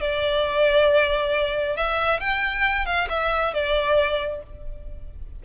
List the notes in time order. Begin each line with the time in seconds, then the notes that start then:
0.00 D5
1.76 E5
2.20 G5
2.85 F5
3.09 E5
3.53 D5